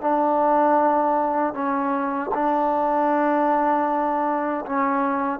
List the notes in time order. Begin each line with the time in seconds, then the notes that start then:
0.00 D4
1.53 C#4
2.34 D4
4.65 C#4